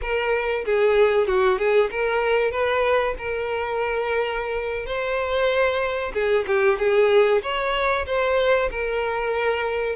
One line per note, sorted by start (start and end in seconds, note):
0.01 0.64 A#4
0.65 1.27 G#4
1.27 1.58 F#4
1.58 1.89 G#4
1.90 2.51 A#4
2.51 3.14 B4
3.18 4.86 A#4
4.86 6.12 C5
6.13 6.45 G#4
6.47 6.78 G4
6.79 7.42 G#4
7.42 8.05 C#5
8.06 8.69 C5
8.70 9.96 A#4